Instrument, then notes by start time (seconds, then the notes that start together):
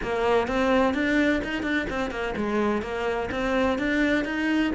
cello
0.02 A#3
0.47 C4
0.94 D4
1.43 D#4
1.63 D4
1.89 C4
2.10 A#3
2.36 G#3
2.82 A#3
3.31 C4
3.78 D4
4.24 D#4